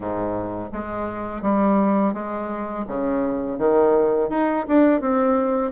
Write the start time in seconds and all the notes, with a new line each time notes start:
0.00 G#2
0.72 G#3
1.42 G3
2.13 G#3
2.87 C#3
3.58 D#3
4.29 D#4
4.68 D4
5.00 C4